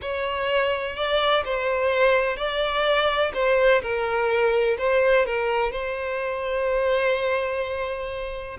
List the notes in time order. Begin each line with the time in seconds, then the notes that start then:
0.01 C#5
0.96 D5
1.44 C5
2.36 D5
3.34 C5
3.82 A#4
4.77 C5
5.25 A#4
5.71 C5